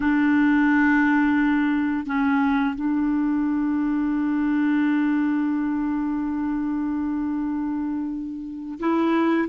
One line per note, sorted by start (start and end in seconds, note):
0.00 2.06 D4
2.06 2.75 C#4
2.75 8.78 D4
8.79 9.48 E4